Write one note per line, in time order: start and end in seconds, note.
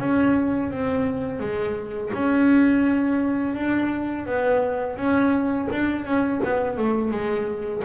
0.00 0.71 C#4
0.71 1.40 C4
1.40 2.12 G#3
2.14 3.55 C#4
3.55 4.26 D4
4.26 4.97 B3
4.97 5.69 C#4
5.72 6.05 D4
6.05 6.41 C#4
6.44 6.78 B3
6.78 7.12 A3
7.12 7.83 G#3